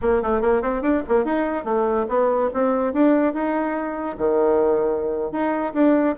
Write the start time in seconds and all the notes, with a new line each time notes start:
0.01 A#3
0.22 A3
0.41 A#3
0.61 C4
0.81 D4
1.08 A#3
1.24 D#4
1.64 A3
2.08 B3
2.53 C4
2.93 D4
3.33 D#4
4.17 D#3
5.31 D#4
5.73 D4